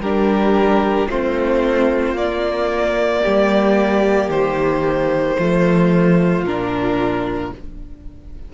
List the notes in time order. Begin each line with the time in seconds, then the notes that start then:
0.00 G3 D4 G4 A#4
1.09 A3 C4 F4 C5
2.13 A#3 D5
3.23 G3 G4
4.29 D#3 C5
5.39 F3 A3 F4
6.44 A#2 D4 A#4